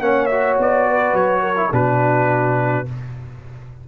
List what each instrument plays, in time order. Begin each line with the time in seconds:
0.00 tuba A#3, trombone C#4, horn C#5, trumpet F#5
0.26 trombone F#4, trumpet E5
0.59 tuba B3, trumpet D5
0.88 horn B4
1.13 tuba F#3, trumpet C#5
1.42 horn A#4
1.56 trombone E4
1.72 tuba B2, trombone D4, horn F#4, trumpet B4